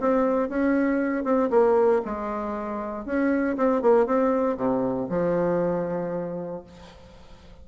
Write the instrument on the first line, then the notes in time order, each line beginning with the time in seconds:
bassoon
0.00 C4
0.49 C#4
1.24 C4
1.50 A#3
2.05 G#3
3.06 C#4
3.57 C4
3.82 A#3
4.07 C4
4.57 C3
5.10 F3